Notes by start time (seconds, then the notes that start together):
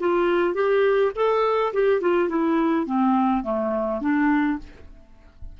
0.00 F4
0.54 G4
1.15 A4
1.74 G4
2.01 F4
2.29 E4
2.87 C4
3.43 A3
4.01 D4